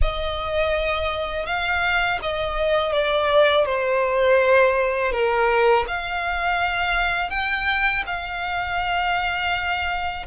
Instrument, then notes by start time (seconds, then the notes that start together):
violin
0.01 D#5
1.46 F5
2.22 D#5
2.92 D5
3.65 C5
5.12 A#4
5.87 F5
7.30 G5
8.06 F5